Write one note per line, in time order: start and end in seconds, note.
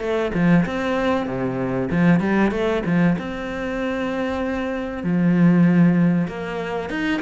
0.00 0.31 A3
0.34 0.65 F3
0.65 1.26 C4
1.26 1.88 C3
1.90 2.20 F3
2.20 2.51 G3
2.51 2.82 A3
2.85 3.16 F3
3.18 5.03 C4
5.03 6.27 F3
6.27 6.89 A#3
6.89 7.20 D#4